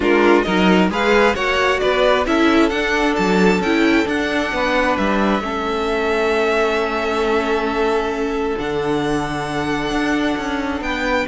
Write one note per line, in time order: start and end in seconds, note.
0.00 0.45 G#3
0.00 0.45 D4
0.00 0.45 F4
0.00 0.42 A#4
0.42 0.89 F#3
0.42 0.90 D#4
0.42 0.90 A#4
0.42 0.87 D#5
0.89 1.34 G#3
0.89 1.34 G#4
0.89 1.35 B4
0.89 1.35 F5
1.34 1.80 A#3
1.34 2.24 F#4
1.34 1.80 C#5
1.34 1.79 F#5
1.79 2.26 B3
1.79 2.26 B4
1.79 2.24 D5
2.25 2.71 C#4
2.25 2.70 E4
2.25 4.53 A4
2.25 2.69 E5
2.69 3.60 D4
2.69 3.16 D4
2.69 3.14 F#5
3.16 3.59 F#3
3.16 3.61 A5
3.59 4.04 C#4
3.59 4.05 E4
3.59 4.07 G5
4.05 5.40 D4
4.05 4.52 D4
4.05 4.97 F#5
4.52 4.97 B3
4.52 5.43 B4
4.97 5.39 G3
4.97 8.58 E5
5.39 8.55 A3
5.39 8.57 C#4
5.39 10.83 A4
8.58 9.90 D3
8.58 11.27 D4
8.58 10.81 F#5
9.90 10.35 D4
10.37 10.80 C#4
10.80 11.25 B3
10.80 11.27 B4
10.80 11.27 G5